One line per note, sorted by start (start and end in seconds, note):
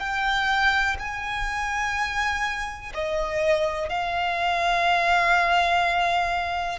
0.00 0.97 G5
0.99 2.93 G#5
2.94 3.89 D#5
3.89 6.79 F5